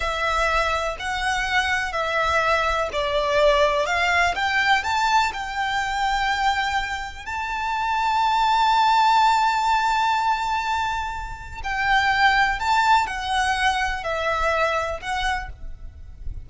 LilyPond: \new Staff \with { instrumentName = "violin" } { \time 4/4 \tempo 4 = 124 e''2 fis''2 | e''2 d''2 | f''4 g''4 a''4 g''4~ | g''2. a''4~ |
a''1~ | a''1 | g''2 a''4 fis''4~ | fis''4 e''2 fis''4 | }